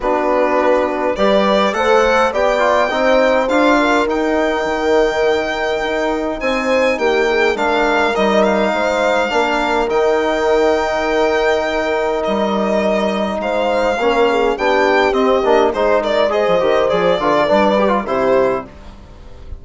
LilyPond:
<<
  \new Staff \with { instrumentName = "violin" } { \time 4/4 \tempo 4 = 103 b'2 d''4 fis''4 | g''2 f''4 g''4~ | g''2. gis''4 | g''4 f''4 dis''8 f''4.~ |
f''4 g''2.~ | g''4 dis''2 f''4~ | f''4 g''4 dis''4 c''8 d''8 | dis''4 d''2 c''4 | }
  \new Staff \with { instrumentName = "horn" } { \time 4/4 fis'2 b'4 c''4 | d''4 c''4. ais'4.~ | ais'2. c''4 | g'8 gis'8 ais'2 c''4 |
ais'1~ | ais'2. c''4 | ais'8 gis'8 g'2 gis'8 ais'8 | c''4. b'16 a'16 b'4 g'4 | }
  \new Staff \with { instrumentName = "trombone" } { \time 4/4 d'2 g'4 a'4 | g'8 f'8 dis'4 f'4 dis'4~ | dis'1~ | dis'4 d'4 dis'2 |
d'4 dis'2.~ | dis'1 | cis'4 d'4 c'8 d'8 dis'4 | gis'8 g'8 gis'8 f'8 d'8 g'16 f'16 e'4 | }
  \new Staff \with { instrumentName = "bassoon" } { \time 4/4 b2 g4 a4 | b4 c'4 d'4 dis'4 | dis2 dis'4 c'4 | ais4 gis4 g4 gis4 |
ais4 dis2.~ | dis4 g2 gis4 | ais4 b4 c'8 ais8 gis4~ | gis16 f16 dis8 f8 d8 g4 c4 | }
>>